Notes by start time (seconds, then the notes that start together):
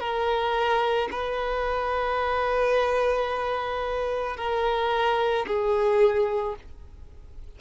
0.00 A#4
1.12 B4
4.37 A#4
5.47 G#4